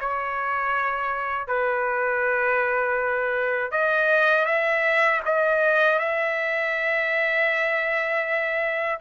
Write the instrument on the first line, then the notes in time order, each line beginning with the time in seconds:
trumpet
0.00 C#5
1.47 B4
3.71 D#5
4.46 E5
5.25 D#5
5.99 E5